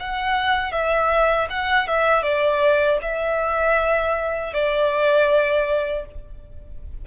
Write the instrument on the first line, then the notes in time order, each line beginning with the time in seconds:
violin
0.00 F#5
0.72 E5
1.51 F#5
1.88 E5
2.23 D5
3.02 E5
4.54 D5